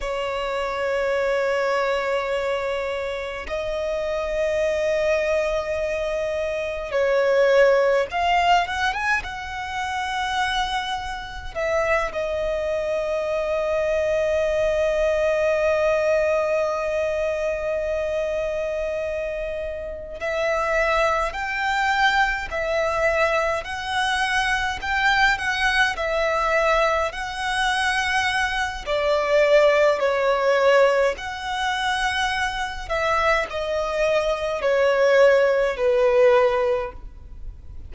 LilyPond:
\new Staff \with { instrumentName = "violin" } { \time 4/4 \tempo 4 = 52 cis''2. dis''4~ | dis''2 cis''4 f''8 fis''16 gis''16 | fis''2 e''8 dis''4.~ | dis''1~ |
dis''4. e''4 g''4 e''8~ | e''8 fis''4 g''8 fis''8 e''4 fis''8~ | fis''4 d''4 cis''4 fis''4~ | fis''8 e''8 dis''4 cis''4 b'4 | }